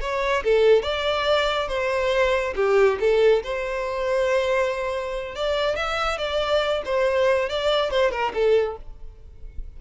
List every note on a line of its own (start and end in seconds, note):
0.00 0.43 C#5
0.43 0.82 A4
0.82 1.68 D5
1.68 2.53 C5
2.55 2.98 G4
3.00 3.42 A4
3.43 5.35 C5
5.35 5.75 D5
5.75 6.18 E5
6.18 6.82 D5
6.85 7.49 C5
7.49 7.91 D5
7.91 8.11 C5
8.11 8.32 A#4
8.34 8.76 A4